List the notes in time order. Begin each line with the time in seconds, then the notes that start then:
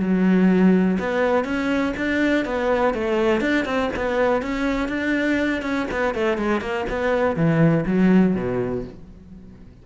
0.00 F#3
0.99 B3
1.45 C#4
1.97 D4
2.46 B3
2.94 A3
3.41 D4
3.66 C4
3.96 B3
4.42 C#4
4.89 D4
5.62 C#4
5.92 B3
6.15 A3
6.38 G#3
6.61 A#3
6.90 B3
7.36 E3
7.86 F#3
8.36 B2